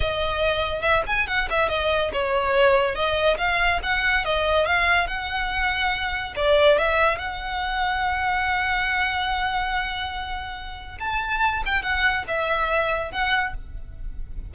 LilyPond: \new Staff \with { instrumentName = "violin" } { \time 4/4 \tempo 4 = 142 dis''2 e''8 gis''8 fis''8 e''8 | dis''4 cis''2 dis''4 | f''4 fis''4 dis''4 f''4 | fis''2. d''4 |
e''4 fis''2.~ | fis''1~ | fis''2 a''4. g''8 | fis''4 e''2 fis''4 | }